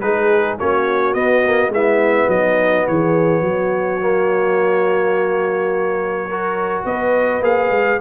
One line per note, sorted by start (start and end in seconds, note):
0.00 0.59 G#3
0.00 0.58 D#4
0.00 0.60 G#4
0.00 0.57 B4
0.58 1.15 A#3
0.58 1.15 C#4
0.58 1.72 F#4
0.58 1.14 C#5
1.14 1.69 B3
1.14 1.43 B3
1.14 1.71 D#5
1.44 1.73 A#3
1.69 2.26 G#3
1.69 4.01 B3
1.69 2.29 E4
1.69 2.30 E5
2.28 2.85 F#3
2.28 2.87 D#4
2.28 2.87 D#5
2.87 3.41 E3
2.87 3.43 G#4
2.87 6.86 C#5
3.41 6.84 F#3
3.41 6.27 F#4
4.01 6.30 A#3
6.27 7.42 F#4
6.27 6.85 A#4
6.85 7.41 B3
6.85 8.00 B4
6.85 7.43 D#5
7.41 7.70 A#3
7.41 7.99 G#4
7.41 8.00 F5
7.70 7.98 G#3